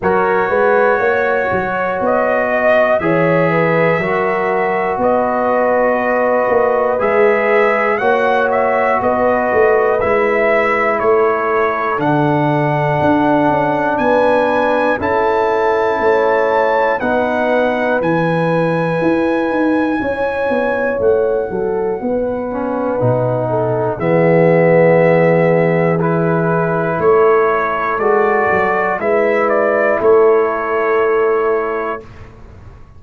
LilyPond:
<<
  \new Staff \with { instrumentName = "trumpet" } { \time 4/4 \tempo 4 = 60 cis''2 dis''4 e''4~ | e''4 dis''2 e''4 | fis''8 e''8 dis''4 e''4 cis''4 | fis''2 gis''4 a''4~ |
a''4 fis''4 gis''2~ | gis''4 fis''2. | e''2 b'4 cis''4 | d''4 e''8 d''8 cis''2 | }
  \new Staff \with { instrumentName = "horn" } { \time 4/4 ais'8 b'8 cis''4. dis''8 cis''8 b'8 | ais'4 b'2. | cis''4 b'2 a'4~ | a'2 b'4 a'4 |
cis''4 b'2. | cis''4. a'8 b'4. a'8 | gis'2. a'4~ | a'4 b'4 a'2 | }
  \new Staff \with { instrumentName = "trombone" } { \time 4/4 fis'2. gis'4 | fis'2. gis'4 | fis'2 e'2 | d'2. e'4~ |
e'4 dis'4 e'2~ | e'2~ e'8 cis'8 dis'4 | b2 e'2 | fis'4 e'2. | }
  \new Staff \with { instrumentName = "tuba" } { \time 4/4 fis8 gis8 ais8 fis8 b4 e4 | fis4 b4. ais8 gis4 | ais4 b8 a8 gis4 a4 | d4 d'8 cis'8 b4 cis'4 |
a4 b4 e4 e'8 dis'8 | cis'8 b8 a8 fis8 b4 b,4 | e2. a4 | gis8 fis8 gis4 a2 | }
>>